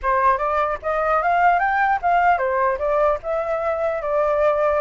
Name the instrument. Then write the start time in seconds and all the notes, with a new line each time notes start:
flute
0.02 C5
0.37 D5
0.82 D#5
1.22 F5
1.59 G5
2.02 F5
2.38 C5
2.78 D5
3.22 E5
4.02 D5